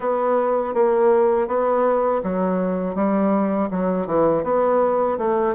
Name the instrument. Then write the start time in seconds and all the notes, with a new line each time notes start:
bassoon
0.00 B3
0.73 A#3
1.47 B3
2.23 F#3
2.95 G3
3.70 F#3
4.06 E3
4.43 B3
5.18 A3